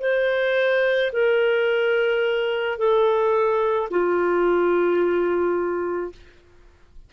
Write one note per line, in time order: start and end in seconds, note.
0.00 1.11 C5
1.12 2.78 A#4
2.78 3.89 A4
3.90 6.12 F4